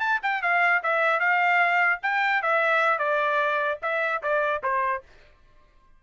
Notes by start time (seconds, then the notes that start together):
0.00 A5
0.23 G5
0.43 F5
0.83 E5
1.20 F5
2.03 G5
2.42 E5
2.99 D5
3.83 E5
4.23 D5
4.63 C5